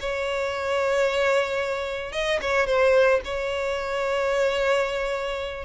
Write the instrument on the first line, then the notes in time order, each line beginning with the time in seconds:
violin
0.00 C#5
2.12 D#5
2.41 C#5
2.67 C5
3.24 C#5